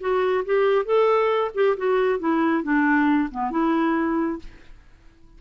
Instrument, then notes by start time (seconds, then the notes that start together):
clarinet
0.00 F#4
0.45 G4
0.85 A4
1.54 G4
1.77 F#4
2.19 E4
2.63 D4
3.31 B3
3.51 E4